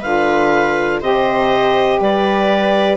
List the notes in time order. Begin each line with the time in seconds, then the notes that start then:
0.00 D3 F4 B4 F5
1.01 C3 G4 C5 D#5
2.00 G3 B4 D5